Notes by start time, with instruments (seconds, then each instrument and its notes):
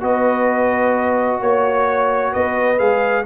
0.00 tuba B3, trombone F#4, horn B4, trumpet D#5
1.40 tuba A#3, horn C#5, trumpet C#5
2.31 tuba B3, horn B4, trumpet D#5
2.78 tuba G#3, trombone G#4, trumpet F5